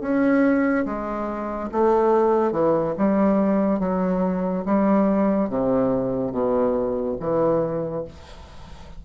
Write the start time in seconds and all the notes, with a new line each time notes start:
0.00 C#4
0.85 G#3
1.72 A3
2.52 E3
2.97 G3
3.79 F#3
4.65 G3
5.49 C3
6.31 B2
7.19 E3